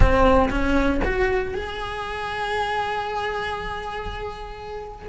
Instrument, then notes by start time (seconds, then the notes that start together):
cello
0.00 C4
0.50 C#4
1.04 F#4
1.54 G#4